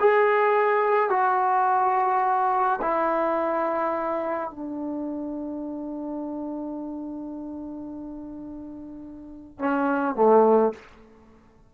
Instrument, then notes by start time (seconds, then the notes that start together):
trombone
0.00 G#4
1.10 F#4
2.81 E4
4.50 D4
9.59 C#4
10.16 A3